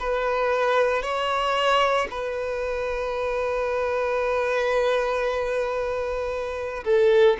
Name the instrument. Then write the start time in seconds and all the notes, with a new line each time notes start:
violin
0.00 B4
1.02 C#5
2.11 B4
6.85 A4